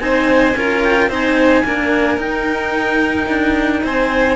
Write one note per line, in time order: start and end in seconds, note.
0.00 0.55 C4
0.00 0.55 D#4
0.00 0.58 C5
0.00 0.82 G#5
0.56 1.08 C#4
0.56 1.10 F4
0.56 1.09 A#4
0.83 1.11 G5
1.08 1.63 C4
1.08 1.65 D#4
1.08 1.64 C5
1.14 2.21 G#5
1.65 2.18 A#3
1.65 2.19 D4
1.65 3.84 A#4
2.18 3.27 D#4
2.18 4.36 D#4
2.18 3.84 G5
3.29 3.83 D4
3.84 4.36 C4
3.84 4.36 C5
3.84 4.36 G#5